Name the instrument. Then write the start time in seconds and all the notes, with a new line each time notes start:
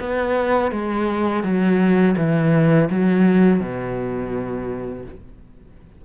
cello
0.00 B3
0.72 G#3
1.43 F#3
2.17 E3
2.90 F#3
3.60 B2